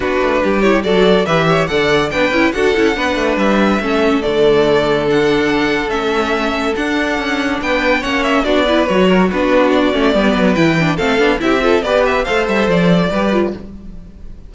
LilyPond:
<<
  \new Staff \with { instrumentName = "violin" } { \time 4/4 \tempo 4 = 142 b'4. cis''8 d''4 e''4 | fis''4 g''4 fis''2 | e''2 d''2 | fis''2 e''2 |
fis''2 g''4 fis''8 e''8 | d''4 cis''4 b'4 d''4~ | d''4 g''4 f''4 e''4 | d''8 e''8 f''8 e''8 d''2 | }
  \new Staff \with { instrumentName = "violin" } { \time 4/4 fis'4 g'4 a'4 b'8 cis''8 | d''4 b'4 a'4 b'4~ | b'4 a'2.~ | a'1~ |
a'2 b'4 cis''4 | fis'8 b'4 ais'8 fis'2 | b'2 a'4 g'8 a'8 | b'4 c''2 b'4 | }
  \new Staff \with { instrumentName = "viola" } { \time 4/4 d'4. e'8 fis'4 g'4 | a'4 d'8 e'8 fis'8 e'8 d'4~ | d'4 cis'4 a2 | d'2 cis'2 |
d'2. cis'4 | d'8 e'8 fis'4 d'4. cis'8 | b4 e'8 d'8 c'8 d'8 e'8 f'8 | g'4 a'2 g'8 f'8 | }
  \new Staff \with { instrumentName = "cello" } { \time 4/4 b8 a8 g4 fis4 e4 | d4 b8 cis'8 d'8 cis'8 b8 a8 | g4 a4 d2~ | d2 a2 |
d'4 cis'4 b4 ais4 | b4 fis4 b4. a8 | g8 fis8 e4 a8 b8 c'4 | b4 a8 g8 f4 g4 | }
>>